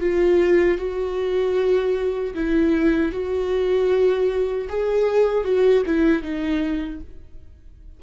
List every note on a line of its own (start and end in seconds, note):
0.00 0.78 F4
0.78 2.34 F#4
2.34 3.12 E4
3.12 4.68 F#4
4.68 5.44 G#4
5.44 5.83 F#4
5.86 6.22 E4
6.22 7.00 D#4